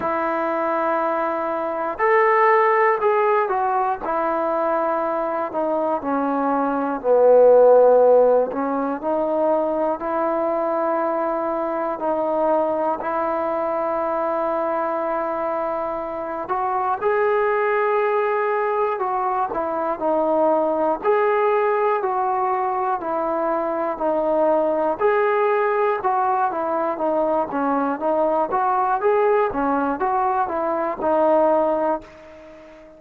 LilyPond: \new Staff \with { instrumentName = "trombone" } { \time 4/4 \tempo 4 = 60 e'2 a'4 gis'8 fis'8 | e'4. dis'8 cis'4 b4~ | b8 cis'8 dis'4 e'2 | dis'4 e'2.~ |
e'8 fis'8 gis'2 fis'8 e'8 | dis'4 gis'4 fis'4 e'4 | dis'4 gis'4 fis'8 e'8 dis'8 cis'8 | dis'8 fis'8 gis'8 cis'8 fis'8 e'8 dis'4 | }